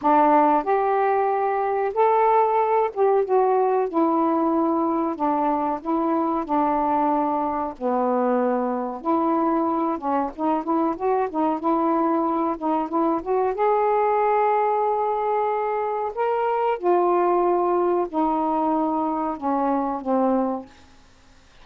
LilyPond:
\new Staff \with { instrumentName = "saxophone" } { \time 4/4 \tempo 4 = 93 d'4 g'2 a'4~ | a'8 g'8 fis'4 e'2 | d'4 e'4 d'2 | b2 e'4. cis'8 |
dis'8 e'8 fis'8 dis'8 e'4. dis'8 | e'8 fis'8 gis'2.~ | gis'4 ais'4 f'2 | dis'2 cis'4 c'4 | }